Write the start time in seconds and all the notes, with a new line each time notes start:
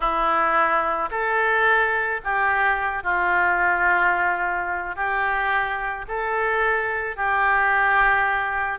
0.00 E4
1.10 A4
2.24 G4
3.03 F4
4.95 G4
6.08 A4
7.16 G4